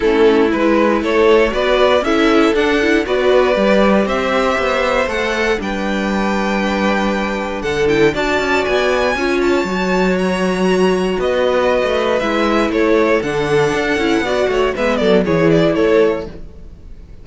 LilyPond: <<
  \new Staff \with { instrumentName = "violin" } { \time 4/4 \tempo 4 = 118 a'4 b'4 cis''4 d''4 | e''4 fis''4 d''2 | e''2 fis''4 g''4~ | g''2. fis''8 g''8 |
a''4 gis''4. a''4. | ais''2 dis''2 | e''4 cis''4 fis''2~ | fis''4 e''8 d''8 cis''8 d''8 cis''4 | }
  \new Staff \with { instrumentName = "violin" } { \time 4/4 e'2 a'4 b'4 | a'2 b'2 | c''2. b'4~ | b'2. a'4 |
d''2 cis''2~ | cis''2 b'2~ | b'4 a'2. | d''8 cis''8 b'8 a'8 gis'4 a'4 | }
  \new Staff \with { instrumentName = "viola" } { \time 4/4 cis'4 e'2 fis'4 | e'4 d'8 e'8 fis'4 g'4~ | g'2 a'4 d'4~ | d'2.~ d'8 e'8 |
fis'2 f'4 fis'4~ | fis'1 | e'2 d'4. e'8 | fis'4 b4 e'2 | }
  \new Staff \with { instrumentName = "cello" } { \time 4/4 a4 gis4 a4 b4 | cis'4 d'4 b4 g4 | c'4 b4 a4 g4~ | g2. d4 |
d'8 cis'8 b4 cis'4 fis4~ | fis2 b4~ b16 a8. | gis4 a4 d4 d'8 cis'8 | b8 a8 gis8 fis8 e4 a4 | }
>>